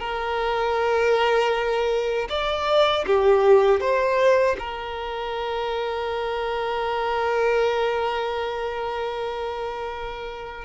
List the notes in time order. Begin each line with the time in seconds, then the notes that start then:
0.00 A#4
2.29 D5
3.07 G4
3.80 C5
4.59 A#4